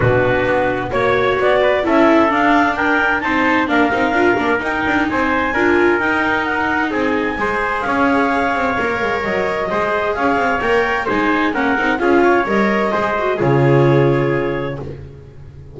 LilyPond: <<
  \new Staff \with { instrumentName = "clarinet" } { \time 4/4 \tempo 4 = 130 b'2 cis''4 d''4 | e''4 f''4 g''4 a''4 | f''2 g''4 gis''4~ | gis''4 g''4 fis''4 gis''4~ |
gis''4 f''2. | dis''2 f''4 g''4 | gis''4 fis''4 f''4 dis''4~ | dis''4 cis''2. | }
  \new Staff \with { instrumentName = "trumpet" } { \time 4/4 fis'2 cis''4. b'8 | a'2 ais'4 c''4 | ais'2. c''4 | ais'2. gis'4 |
c''4 cis''2.~ | cis''4 c''4 cis''2 | c''4 ais'4 gis'8 cis''4. | c''4 gis'2. | }
  \new Staff \with { instrumentName = "viola" } { \time 4/4 d'2 fis'2 | e'4 d'2 dis'4 | d'8 dis'8 f'8 d'8 dis'2 | f'4 dis'2. |
gis'2. ais'4~ | ais'4 gis'2 ais'4 | dis'4 cis'8 dis'8 f'4 ais'4 | gis'8 fis'8 f'2. | }
  \new Staff \with { instrumentName = "double bass" } { \time 4/4 b,4 b4 ais4 b4 | cis'4 d'2 c'4 | ais8 c'8 d'8 ais8 dis'8 d'8 c'4 | d'4 dis'2 c'4 |
gis4 cis'4. c'8 ais8 gis8 | fis4 gis4 cis'8 c'8 ais4 | gis4 ais8 c'8 cis'4 g4 | gis4 cis2. | }
>>